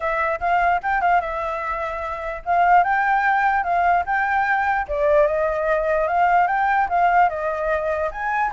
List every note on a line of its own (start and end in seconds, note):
0.00 0.39 E5
0.40 0.80 F5
0.82 1.01 G5
1.01 1.20 F5
1.20 2.42 E5
2.45 2.83 F5
2.83 3.63 G5
3.63 4.04 F5
4.06 4.87 G5
4.88 5.26 D5
5.26 6.07 D#5
6.07 6.47 F5
6.47 6.88 G5
6.89 7.29 F5
7.29 8.10 D#5
8.11 8.51 G#5